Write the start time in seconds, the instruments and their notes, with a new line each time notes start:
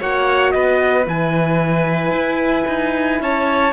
0.00 cello A#3, horn F#4, violin C#5, trumpet F#5
0.52 cello B3, violin B4, trumpet D#5
1.05 cello E3, horn E4, trumpet G#5
2.11 cello E4
2.68 cello D#4
3.21 cello C#4, violin C#5, trumpet A5